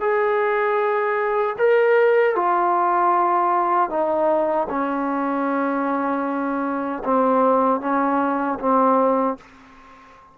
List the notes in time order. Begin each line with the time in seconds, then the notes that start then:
0.00 G#4
1.58 A#4
2.35 F4
3.89 D#4
4.69 C#4
7.04 C4
7.80 C#4
8.59 C4